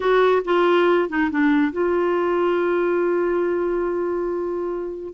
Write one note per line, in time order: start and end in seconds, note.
0.00 0.42 F#4
0.44 1.09 F4
1.09 1.30 D#4
1.30 1.72 D4
1.72 5.14 F4